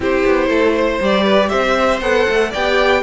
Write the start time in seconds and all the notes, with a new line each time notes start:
0.00 C4 E4 G4 C5
0.25 B3
0.47 A3 A4
0.75 C5
1.00 G3 G4 D5
1.23 B4
1.49 C4 C5 E5
2.01 B3 A4 F#5
2.28 A3
2.50 B3 D5 G5
2.56 G4